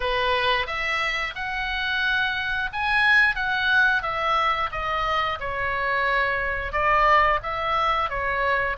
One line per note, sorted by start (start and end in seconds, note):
0.00 0.66 B4
0.66 1.34 E5
1.35 2.70 F#5
2.72 3.35 G#5
3.35 4.02 F#5
4.02 4.69 E5
4.71 5.38 D#5
5.40 6.72 C#5
6.72 7.39 D5
7.42 8.09 E5
8.09 8.76 C#5